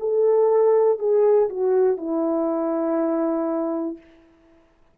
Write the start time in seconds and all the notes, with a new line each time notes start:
0.00 A4
0.99 G#4
1.50 F#4
1.97 E4